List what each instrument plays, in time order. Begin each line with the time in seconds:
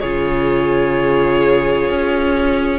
0.00 cello C#3, viola F4, violin G#4 C#5
1.90 cello C#4